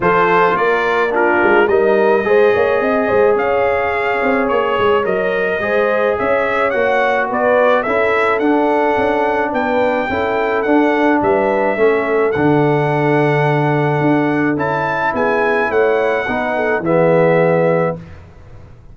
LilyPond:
<<
  \new Staff \with { instrumentName = "trumpet" } { \time 4/4 \tempo 4 = 107 c''4 d''4 ais'4 dis''4~ | dis''2 f''2 | cis''4 dis''2 e''4 | fis''4 d''4 e''4 fis''4~ |
fis''4 g''2 fis''4 | e''2 fis''2~ | fis''2 a''4 gis''4 | fis''2 e''2 | }
  \new Staff \with { instrumentName = "horn" } { \time 4/4 a'4 ais'4 f'4 ais'4 | c''8 cis''8 dis''8 c''8 cis''2~ | cis''2 c''4 cis''4~ | cis''4 b'4 a'2~ |
a'4 b'4 a'2 | b'4 a'2.~ | a'2. gis'4 | cis''4 b'8 a'8 gis'2 | }
  \new Staff \with { instrumentName = "trombone" } { \time 4/4 f'2 d'4 dis'4 | gis'1~ | gis'4 ais'4 gis'2 | fis'2 e'4 d'4~ |
d'2 e'4 d'4~ | d'4 cis'4 d'2~ | d'2 e'2~ | e'4 dis'4 b2 | }
  \new Staff \with { instrumentName = "tuba" } { \time 4/4 f4 ais4. gis8 g4 | gis8 ais8 c'8 gis8 cis'4. c'8 | ais8 gis8 fis4 gis4 cis'4 | ais4 b4 cis'4 d'4 |
cis'4 b4 cis'4 d'4 | g4 a4 d2~ | d4 d'4 cis'4 b4 | a4 b4 e2 | }
>>